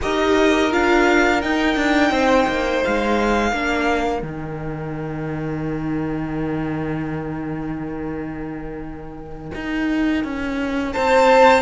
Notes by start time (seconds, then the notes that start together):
0.01 D#4 G4 A#4 D#5
0.71 D4 F4 F5
1.41 D#4 G5
1.76 D4
2.11 C4 C5
2.47 A#3
2.84 G#3 F5
3.51 A#3 D4 A#4
4.21 D#3 D#4 G5
9.54 D#4
10.24 C#4
10.93 C4 C5 A5